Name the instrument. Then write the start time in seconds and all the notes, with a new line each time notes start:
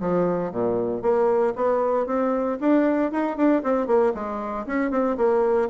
bassoon
0.00 F3
0.52 A#2
1.02 A#3
1.56 B3
2.07 C4
2.61 D4
3.12 D#4
3.37 D4
3.63 C4
3.87 A#3
4.14 G#3
4.67 C#4
4.91 C4
5.17 A#3